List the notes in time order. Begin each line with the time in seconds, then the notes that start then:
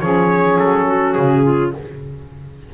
0.00 F3 C#4 G#4 C#5
0.58 F#3 A4
0.87 F#4
1.13 C#3 G#4
1.43 F4